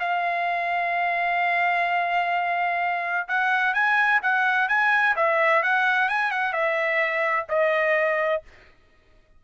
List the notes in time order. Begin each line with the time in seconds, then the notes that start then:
0.00 F5
3.28 F#5
3.74 G#5
4.23 F#5
4.69 G#5
5.16 E5
5.63 F#5
6.09 G#5
6.32 F#5
6.53 E5
7.49 D#5